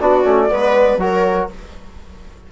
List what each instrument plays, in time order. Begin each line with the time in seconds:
0.00 bassoon B3, trombone D4, viola F#4, flute D5
0.23 bassoon A3, trombone C#4
0.49 bassoon G#3, trombone B3, viola B4
0.97 bassoon F#3, trombone F#4, viola A#4, flute C#5